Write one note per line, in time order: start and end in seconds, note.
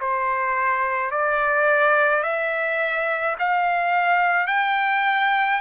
0.00 1.11 C5
1.11 2.23 D5
2.23 3.36 E5
3.39 4.47 F5
4.47 5.60 G5